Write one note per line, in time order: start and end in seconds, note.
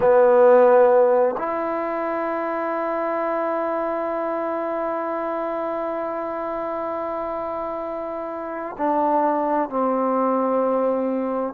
0.00 1.36 B3
1.38 8.76 E4
8.78 9.69 D4
9.69 11.53 C4